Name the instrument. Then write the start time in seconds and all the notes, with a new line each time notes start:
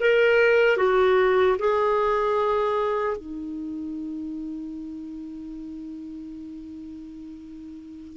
clarinet
0.00 A#4
0.77 F#4
1.59 G#4
3.17 D#4